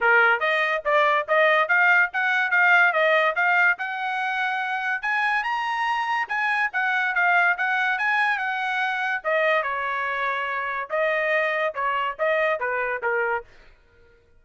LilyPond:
\new Staff \with { instrumentName = "trumpet" } { \time 4/4 \tempo 4 = 143 ais'4 dis''4 d''4 dis''4 | f''4 fis''4 f''4 dis''4 | f''4 fis''2. | gis''4 ais''2 gis''4 |
fis''4 f''4 fis''4 gis''4 | fis''2 dis''4 cis''4~ | cis''2 dis''2 | cis''4 dis''4 b'4 ais'4 | }